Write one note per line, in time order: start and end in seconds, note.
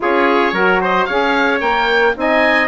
0.00 0.52 C#4
0.00 0.52 F4
0.00 0.53 G#4
0.00 0.83 C#5
0.52 1.06 F#3
0.52 1.08 F#4
0.52 0.81 A#4
0.81 1.07 C5
0.81 1.05 D#5
1.05 1.61 C#4
1.05 1.59 G#4
1.05 2.15 C#5
1.05 1.59 F5
1.59 2.15 A#3
1.59 2.13 A#4
1.59 2.14 G5
2.15 2.68 C4
2.15 2.68 D#4
2.15 2.68 D#5
2.15 2.68 G#5